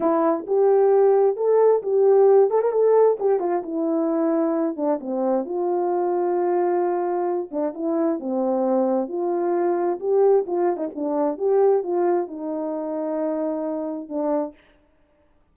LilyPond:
\new Staff \with { instrumentName = "horn" } { \time 4/4 \tempo 4 = 132 e'4 g'2 a'4 | g'4. a'16 ais'16 a'4 g'8 f'8 | e'2~ e'8 d'8 c'4 | f'1~ |
f'8 d'8 e'4 c'2 | f'2 g'4 f'8. dis'16 | d'4 g'4 f'4 dis'4~ | dis'2. d'4 | }